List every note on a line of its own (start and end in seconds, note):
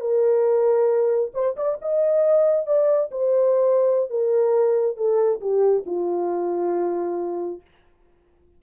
0.00 1.31 A#4
1.34 1.56 C5
1.56 1.78 D5
1.81 2.66 D#5
2.66 3.10 D5
3.11 4.09 C5
4.10 4.96 A#4
4.96 5.40 A4
5.40 5.84 G4
5.85 7.61 F4